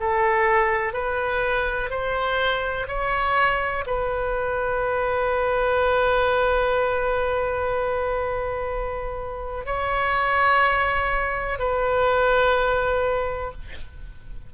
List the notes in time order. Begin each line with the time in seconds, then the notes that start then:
0.00 A4
0.93 B4
1.90 C5
2.88 C#5
3.86 B4
9.66 C#5
11.59 B4